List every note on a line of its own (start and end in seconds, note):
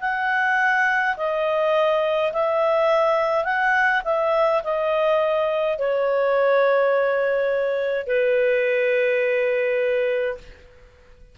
0.00 1.15 F#5
1.16 2.32 D#5
2.33 3.44 E5
3.44 4.02 F#5
4.04 4.62 E5
4.63 5.78 D#5
5.78 8.07 C#5
8.07 10.37 B4